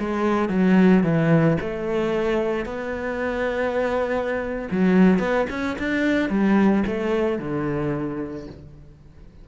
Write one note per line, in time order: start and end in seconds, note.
0.00 0.50 G#3
0.50 1.04 F#3
1.04 1.58 E3
1.61 2.66 A3
2.66 4.69 B3
4.71 5.20 F#3
5.20 5.47 B3
5.50 5.77 C#4
5.79 6.30 D4
6.30 6.84 G3
6.87 7.39 A3
7.39 8.47 D3